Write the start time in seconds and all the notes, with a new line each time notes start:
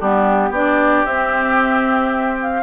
0.00 G3 B3 D4 G4
0.50 B3 D4 G4 D5
1.06 C4 E5
2.42 F5